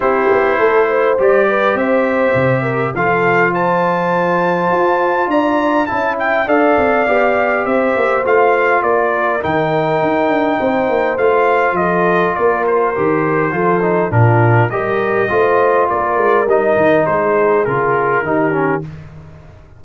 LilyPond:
<<
  \new Staff \with { instrumentName = "trumpet" } { \time 4/4 \tempo 4 = 102 c''2 d''4 e''4~ | e''4 f''4 a''2~ | a''4 ais''4 a''8 g''8 f''4~ | f''4 e''4 f''4 d''4 |
g''2. f''4 | dis''4 d''8 c''2~ c''8 | ais'4 dis''2 d''4 | dis''4 c''4 ais'2 | }
  \new Staff \with { instrumentName = "horn" } { \time 4/4 g'4 a'8 c''4 b'8 c''4~ | c''8 ais'8 a'4 c''2~ | c''4 d''4 e''4 d''4~ | d''4 c''2 ais'4~ |
ais'2 c''2 | a'4 ais'2 a'4 | f'4 ais'4 c''4 ais'4~ | ais'4 gis'2 g'4 | }
  \new Staff \with { instrumentName = "trombone" } { \time 4/4 e'2 g'2~ | g'4 f'2.~ | f'2 e'4 a'4 | g'2 f'2 |
dis'2. f'4~ | f'2 g'4 f'8 dis'8 | d'4 g'4 f'2 | dis'2 f'4 dis'8 cis'8 | }
  \new Staff \with { instrumentName = "tuba" } { \time 4/4 c'8 b8 a4 g4 c'4 | c4 f2. | f'4 d'4 cis'4 d'8 c'8 | b4 c'8 ais8 a4 ais4 |
dis4 dis'8 d'8 c'8 ais8 a4 | f4 ais4 dis4 f4 | ais,4 g4 a4 ais8 gis8 | g8 dis8 gis4 cis4 dis4 | }
>>